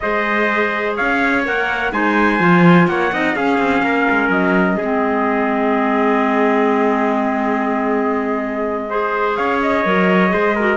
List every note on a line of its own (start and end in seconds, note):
0.00 0.99 G#3
0.00 1.45 G#4
0.00 0.96 C5
0.00 0.94 D#5
0.96 1.47 C#4
0.96 1.92 C#5
0.96 1.44 F5
1.45 1.92 A#3
1.45 1.92 A#4
1.45 1.92 F#5
1.92 2.39 G#3
1.92 2.39 D#4
1.92 2.89 C5
1.92 2.88 G#5
2.39 2.87 F3
2.39 3.11 F4
2.87 3.11 A#3
2.87 3.12 C#5
2.87 3.35 F#5
3.11 3.35 C4
3.11 3.35 D#4
3.11 3.36 D#5
3.35 3.58 C#4
3.35 4.80 C#4
3.35 3.83 G#4
3.35 4.31 F5
3.58 3.82 C4
3.82 4.06 A#3
3.82 4.76 A#4
4.10 4.29 G#3
4.29 4.77 F#3
4.29 9.35 D#5
4.76 9.38 G#3
4.76 8.88 C4
4.76 8.84 G#4
8.89 9.84 G#4
8.89 9.37 C5
9.36 9.85 C#4
9.36 10.33 C#5
9.36 9.60 F5
9.61 10.76 D#5
9.84 10.33 F#3
9.84 10.29 A#4
10.29 10.76 G#3
10.29 10.53 G#4
10.29 10.55 C5
10.55 10.76 F#4
10.55 10.76 A#4